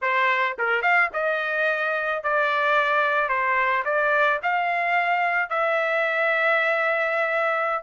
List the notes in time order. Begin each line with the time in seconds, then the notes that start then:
0.01 C5
0.58 A#4
0.82 F5
1.13 D#5
2.23 D5
3.28 C5
3.85 D5
4.42 F5
5.49 E5